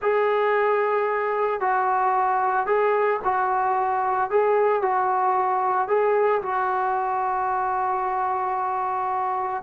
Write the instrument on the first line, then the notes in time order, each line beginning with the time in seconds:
trombone
0.01 G#4
1.60 F#4
2.66 G#4
3.24 F#4
4.30 G#4
4.82 F#4
5.88 G#4
6.42 F#4